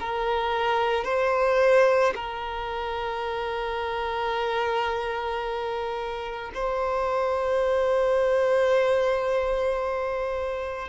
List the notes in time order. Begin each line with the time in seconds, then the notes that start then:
0.00 A#4
1.04 C5
2.15 A#4
6.54 C5